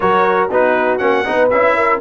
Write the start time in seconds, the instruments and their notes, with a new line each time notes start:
0.00 tuba F#3, trombone F#4, horn A#4, trumpet C#5
0.50 tuba B3, trombone D#4, horn F#4, trumpet B4
0.97 tuba A#3, trombone C#4, trumpet F#5
1.25 tuba B3, trombone D#4, horn B4
1.50 tuba C#4, trombone E4, trumpet E5
1.76 horn A#4